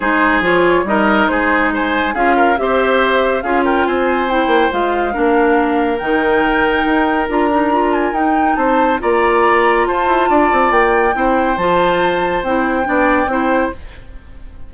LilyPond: <<
  \new Staff \with { instrumentName = "flute" } { \time 4/4 \tempo 4 = 140 c''4 cis''4 dis''4 c''4 | gis''4 f''4 e''2 | f''8 g''8 gis''4 g''4 f''4~ | f''2 g''2~ |
g''4 ais''4. gis''8 g''4 | a''4 ais''2 a''4~ | a''4 g''2 a''4~ | a''4 g''2. | }
  \new Staff \with { instrumentName = "oboe" } { \time 4/4 gis'2 ais'4 gis'4 | c''4 gis'8 ais'8 c''2 | gis'8 ais'8 c''2. | ais'1~ |
ais'1 | c''4 d''2 c''4 | d''2 c''2~ | c''2 d''4 c''4 | }
  \new Staff \with { instrumentName = "clarinet" } { \time 4/4 dis'4 f'4 dis'2~ | dis'4 f'4 g'2 | f'2 e'4 f'4 | d'2 dis'2~ |
dis'4 f'8 dis'8 f'4 dis'4~ | dis'4 f'2.~ | f'2 e'4 f'4~ | f'4 e'4 d'4 e'4 | }
  \new Staff \with { instrumentName = "bassoon" } { \time 4/4 gis4 f4 g4 gis4~ | gis4 cis'4 c'2 | cis'4 c'4. ais8 gis4 | ais2 dis2 |
dis'4 d'2 dis'4 | c'4 ais2 f'8 e'8 | d'8 c'8 ais4 c'4 f4~ | f4 c'4 b4 c'4 | }
>>